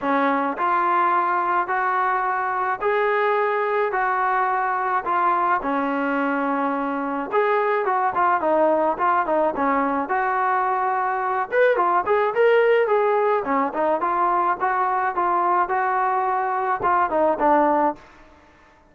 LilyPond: \new Staff \with { instrumentName = "trombone" } { \time 4/4 \tempo 4 = 107 cis'4 f'2 fis'4~ | fis'4 gis'2 fis'4~ | fis'4 f'4 cis'2~ | cis'4 gis'4 fis'8 f'8 dis'4 |
f'8 dis'8 cis'4 fis'2~ | fis'8 b'8 f'8 gis'8 ais'4 gis'4 | cis'8 dis'8 f'4 fis'4 f'4 | fis'2 f'8 dis'8 d'4 | }